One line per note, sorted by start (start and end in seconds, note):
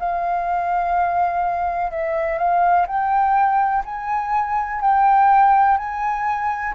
0.00 1.91 F5
1.91 2.38 E5
2.38 2.87 F5
2.87 3.84 G5
3.85 4.82 G#5
4.82 5.78 G5
5.78 6.75 G#5